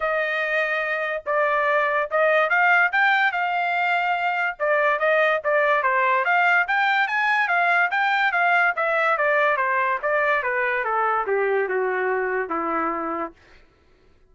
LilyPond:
\new Staff \with { instrumentName = "trumpet" } { \time 4/4 \tempo 4 = 144 dis''2. d''4~ | d''4 dis''4 f''4 g''4 | f''2. d''4 | dis''4 d''4 c''4 f''4 |
g''4 gis''4 f''4 g''4 | f''4 e''4 d''4 c''4 | d''4 b'4 a'4 g'4 | fis'2 e'2 | }